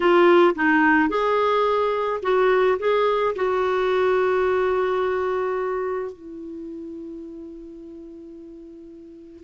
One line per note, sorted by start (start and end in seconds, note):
0.00 0.54 F4
0.55 1.09 D#4
1.09 2.20 G#4
2.22 2.78 F#4
2.79 3.35 G#4
3.35 6.12 F#4
6.12 9.43 E4